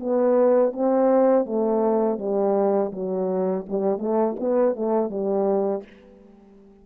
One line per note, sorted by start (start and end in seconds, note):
0.00 0.73 B3
0.73 1.46 C4
1.46 2.19 A3
2.19 2.92 G3
2.93 3.66 F#3
3.69 3.99 G3
3.99 4.36 A3
4.40 4.76 B3
4.76 5.11 A3
5.11 5.84 G3